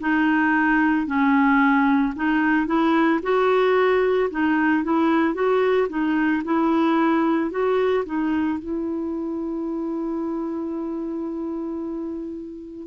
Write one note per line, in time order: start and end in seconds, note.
0.00 1.06 D#4
1.06 2.13 C#4
2.15 2.66 D#4
2.66 3.20 E4
3.22 4.30 F#4
4.31 4.84 D#4
4.84 5.34 E4
5.34 5.87 F#4
5.89 6.42 D#4
6.44 7.50 E4
7.50 8.04 F#4
8.05 8.59 D#4
8.59 12.87 E4